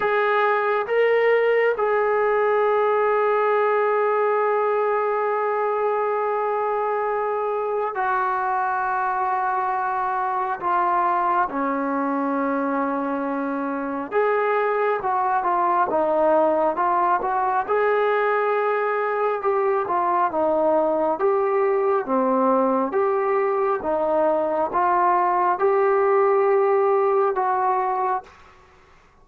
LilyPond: \new Staff \with { instrumentName = "trombone" } { \time 4/4 \tempo 4 = 68 gis'4 ais'4 gis'2~ | gis'1~ | gis'4 fis'2. | f'4 cis'2. |
gis'4 fis'8 f'8 dis'4 f'8 fis'8 | gis'2 g'8 f'8 dis'4 | g'4 c'4 g'4 dis'4 | f'4 g'2 fis'4 | }